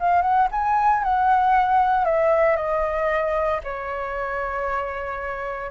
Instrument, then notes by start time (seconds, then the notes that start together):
flute
0.00 F5
0.22 F#5
0.52 G#5
1.03 F#5
2.05 E5
2.56 D#5
3.64 C#5